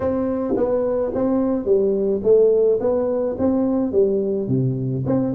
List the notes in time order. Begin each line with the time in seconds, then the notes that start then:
0.00 C4
0.56 B3
1.14 C4
1.65 G3
2.23 A3
2.80 B3
3.38 C4
3.92 G3
4.48 C3
5.06 C4